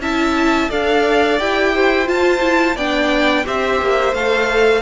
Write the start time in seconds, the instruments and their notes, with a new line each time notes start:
0.00 cello C#4, viola E4, violin E5 A5
0.70 cello D4, viola A4, violin D5 F5
1.39 cello E4, viola G4, violin G5
1.75 violin C5
2.04 viola F4, cello F4, violin A5
2.41 viola E4
2.76 cello B3, viola D4, violin D5 G5
3.45 cello C4, viola G4, violin C5 E5
3.81 cello A#3
4.13 cello A3, viola A4, violin F5